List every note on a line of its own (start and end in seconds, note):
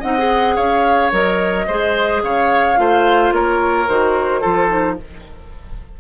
0.00 0.58 C4
0.00 0.17 D#4
0.00 0.55 D#5
0.00 0.56 F#5
0.18 1.12 G#4
0.56 1.12 C#4
0.56 1.66 C#5
0.56 1.11 F5
1.12 1.67 F#3
1.12 1.67 A#4
1.12 2.23 D#5
1.67 2.23 G#3
1.67 2.76 G#4
1.67 2.22 C5
2.23 2.78 C#3
2.23 2.79 C#5
2.23 3.33 F5
2.76 3.32 A3
2.76 3.86 F4
2.76 3.34 C5
3.32 3.87 A#3
3.32 4.41 A#4
3.32 3.88 C#5
3.88 4.43 D#3
3.88 4.42 F#4
3.88 4.98 C5
4.41 5.00 F3
4.41 4.68 F4
4.41 4.96 A4
4.68 4.96 D#4